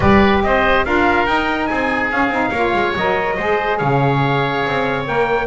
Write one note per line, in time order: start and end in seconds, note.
0.00 0.42 G3
0.00 0.85 G4
0.00 0.42 B4
0.00 0.41 D5
0.42 0.85 C4
0.42 0.85 C5
0.42 0.85 D#5
0.85 1.26 D4
0.85 1.26 F4
0.85 1.69 A#4
0.85 1.26 F5
1.26 2.10 D#4
1.26 1.68 D#4
1.26 1.66 G5
1.66 2.11 C4
1.66 2.50 G#4
1.66 2.08 G#5
2.11 2.28 C#4
2.11 2.32 C#4
2.11 2.95 F5
2.28 2.50 C4
2.28 2.53 D#4
2.50 2.72 A#3
2.50 2.96 F4
2.50 3.34 C#5
2.73 2.94 G#3
2.95 3.38 F#3
2.95 3.38 A#4
2.95 3.78 D#5
3.36 3.81 G#3
3.36 5.06 G#4
3.36 3.78 C5
3.78 4.65 C#3
3.78 5.47 C#5
3.78 5.05 F5
4.66 5.08 C4
5.06 5.47 A#3
5.06 5.47 A#4
5.06 5.47 G5